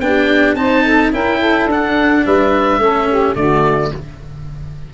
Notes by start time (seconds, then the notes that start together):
0.00 B3 D4 G4 G5
0.55 C4 D#4 C5 A5
0.83 A4
1.12 C#4 E4 A#4 G5
1.39 A4
1.66 D4 F#5
2.25 G3 B4 E5
2.78 A3 C#4 A4
3.09 G4
3.35 D3 A3 F#4 D5